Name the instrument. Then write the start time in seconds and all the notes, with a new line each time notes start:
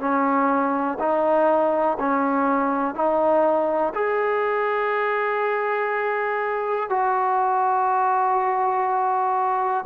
trombone
0.00 C#4
1.00 D#4
2.00 C#4
2.96 D#4
3.95 G#4
6.90 F#4